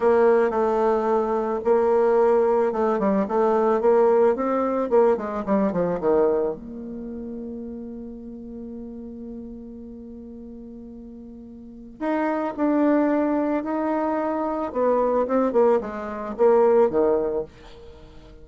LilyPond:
\new Staff \with { instrumentName = "bassoon" } { \time 4/4 \tempo 4 = 110 ais4 a2 ais4~ | ais4 a8 g8 a4 ais4 | c'4 ais8 gis8 g8 f8 dis4 | ais1~ |
ais1~ | ais2 dis'4 d'4~ | d'4 dis'2 b4 | c'8 ais8 gis4 ais4 dis4 | }